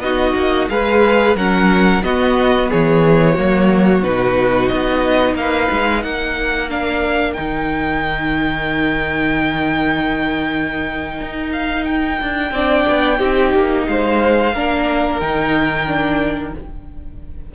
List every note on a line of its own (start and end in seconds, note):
0.00 0.33 B3
0.00 0.70 D#4
0.00 0.71 F#4
0.00 0.68 D#5
0.36 0.69 A#3
0.69 1.36 G#3
0.69 1.36 G#4
0.69 1.37 B4
0.69 1.36 F5
1.36 2.02 F#3
1.36 2.04 C#4
1.36 2.04 A#4
1.36 2.04 F#5
2.04 2.70 B3
2.04 3.37 B3
2.04 2.70 F#4
2.04 2.71 D#5
2.70 3.38 E3
2.70 3.34 G#4
2.70 4.04 C#5
3.34 4.03 F#3
3.34 4.04 A#3
3.34 5.34 F#4
4.03 4.69 B2
4.03 6.69 D#4
4.03 4.68 B4
4.68 5.35 B3
4.68 5.35 D#5
5.35 5.68 A#3
5.35 6.03 B4
5.35 6.03 F5
5.72 6.04 G#3
6.03 7.38 A#3
6.03 12.53 A#4
6.03 6.70 F#5
6.69 7.36 D4
6.69 7.34 F5
7.34 11.21 D#3
7.34 12.52 D#4
7.34 11.50 G5
11.21 12.21 D#4
11.53 11.85 F5
11.85 13.85 G5
12.22 12.52 D4
12.52 12.85 C4
12.52 13.18 D4
12.52 13.19 D5
12.89 13.20 B3
13.18 13.53 C4
13.18 14.52 D#4
13.18 13.86 G4
13.54 13.88 A#3
13.87 14.54 G#3
13.87 14.54 C5
13.87 15.20 F5
14.54 15.21 A#3
14.54 15.21 D4
14.54 16.54 A#4
15.20 16.55 D#3
15.20 15.87 D#4
15.20 16.53 G5
15.87 16.53 D4